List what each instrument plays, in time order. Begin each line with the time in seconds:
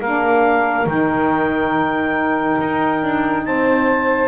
0.00 double bass A#3, saxophone D4 A#4, clarinet F5
0.86 double bass D#3, saxophone D#4, clarinet G5
2.61 double bass D#4
3.03 double bass D4
3.46 double bass C4, saxophone C5, clarinet A5